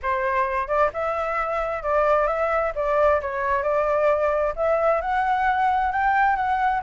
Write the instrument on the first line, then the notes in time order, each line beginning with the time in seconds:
flute
0.02 C5
0.67 D5
0.93 E5
1.82 D5
2.27 E5
2.75 D5
3.21 C#5
3.62 D5
4.56 E5
5.01 F#5
5.92 G5
6.36 F#5